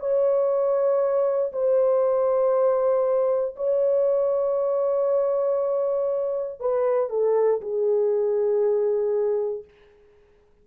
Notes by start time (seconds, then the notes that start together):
0.00 C#5
1.53 C5
3.56 C#5
6.61 B4
7.10 A4
7.62 G#4